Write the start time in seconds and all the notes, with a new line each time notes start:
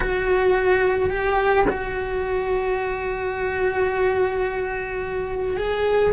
0.00 F#4
1.10 G4
1.69 F#4
5.57 G#4